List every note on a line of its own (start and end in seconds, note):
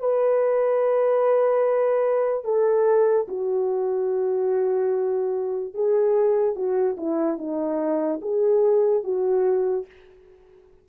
0.00 2.45 B4
2.45 3.27 A4
3.28 5.74 F#4
5.74 6.56 G#4
6.56 6.97 F#4
6.97 7.38 E4
7.38 8.20 D#4
8.22 9.04 G#4
9.04 9.86 F#4